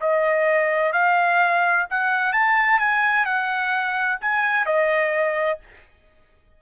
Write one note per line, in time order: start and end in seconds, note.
0.00 0.92 D#5
0.92 1.86 F5
1.90 2.32 F#5
2.32 2.79 A5
2.79 3.25 G#5
3.25 4.19 F#5
4.21 4.65 G#5
4.65 5.59 D#5